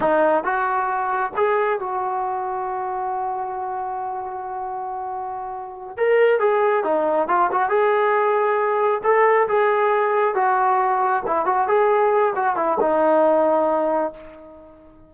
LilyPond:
\new Staff \with { instrumentName = "trombone" } { \time 4/4 \tempo 4 = 136 dis'4 fis'2 gis'4 | fis'1~ | fis'1~ | fis'4. ais'4 gis'4 dis'8~ |
dis'8 f'8 fis'8 gis'2~ gis'8~ | gis'8 a'4 gis'2 fis'8~ | fis'4. e'8 fis'8 gis'4. | fis'8 e'8 dis'2. | }